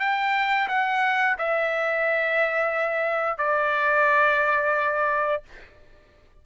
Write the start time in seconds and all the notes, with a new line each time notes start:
0.00 G5
0.68 F#5
1.39 E5
3.38 D5